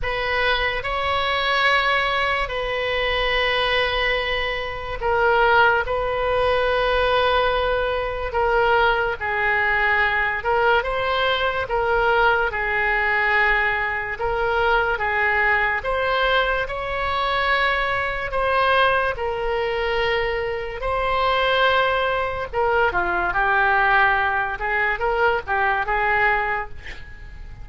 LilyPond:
\new Staff \with { instrumentName = "oboe" } { \time 4/4 \tempo 4 = 72 b'4 cis''2 b'4~ | b'2 ais'4 b'4~ | b'2 ais'4 gis'4~ | gis'8 ais'8 c''4 ais'4 gis'4~ |
gis'4 ais'4 gis'4 c''4 | cis''2 c''4 ais'4~ | ais'4 c''2 ais'8 f'8 | g'4. gis'8 ais'8 g'8 gis'4 | }